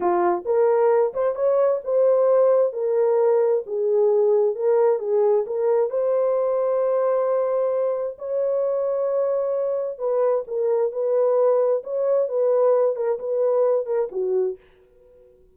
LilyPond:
\new Staff \with { instrumentName = "horn" } { \time 4/4 \tempo 4 = 132 f'4 ais'4. c''8 cis''4 | c''2 ais'2 | gis'2 ais'4 gis'4 | ais'4 c''2.~ |
c''2 cis''2~ | cis''2 b'4 ais'4 | b'2 cis''4 b'4~ | b'8 ais'8 b'4. ais'8 fis'4 | }